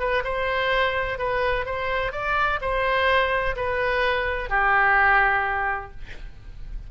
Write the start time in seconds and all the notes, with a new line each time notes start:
0.00 B4
0.24 C5
1.19 B4
1.66 C5
2.13 D5
2.62 C5
3.56 B4
4.50 G4